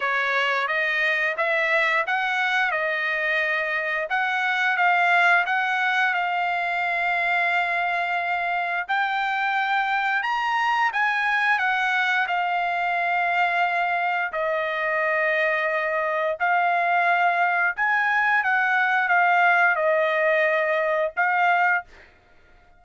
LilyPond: \new Staff \with { instrumentName = "trumpet" } { \time 4/4 \tempo 4 = 88 cis''4 dis''4 e''4 fis''4 | dis''2 fis''4 f''4 | fis''4 f''2.~ | f''4 g''2 ais''4 |
gis''4 fis''4 f''2~ | f''4 dis''2. | f''2 gis''4 fis''4 | f''4 dis''2 f''4 | }